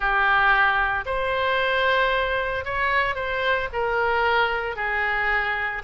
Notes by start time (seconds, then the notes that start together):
0.00 G4
1.05 C5
2.64 C#5
3.15 C5
3.72 A#4
4.76 G#4